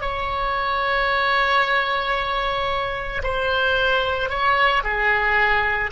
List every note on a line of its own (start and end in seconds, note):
0.00 3.21 C#5
3.23 4.29 C5
4.29 4.83 C#5
4.83 5.90 G#4